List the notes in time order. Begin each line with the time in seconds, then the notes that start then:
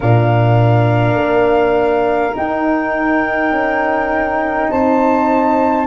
0.00 A#2 D4 A#4 F5
1.15 A#3
2.34 D#4 G5
3.50 C#4
4.70 C4 C5 A5